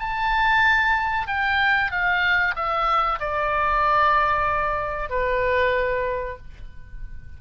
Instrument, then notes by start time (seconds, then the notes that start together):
oboe
0.00 A5
1.28 G5
1.91 F5
2.56 E5
3.20 D5
5.10 B4